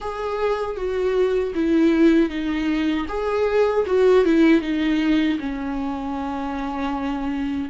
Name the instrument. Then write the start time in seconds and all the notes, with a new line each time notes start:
viola
0.00 G#4
0.76 F#4
1.54 E4
2.29 D#4
3.08 G#4
3.86 F#4
4.24 E4
4.61 D#4
5.38 C#4